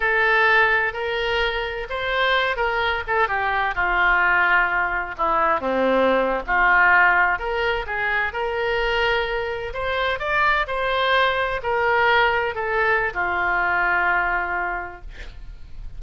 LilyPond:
\new Staff \with { instrumentName = "oboe" } { \time 4/4 \tempo 4 = 128 a'2 ais'2 | c''4. ais'4 a'8 g'4 | f'2. e'4 | c'4.~ c'16 f'2 ais'16~ |
ais'8. gis'4 ais'2~ ais'16~ | ais'8. c''4 d''4 c''4~ c''16~ | c''8. ais'2 a'4~ a'16 | f'1 | }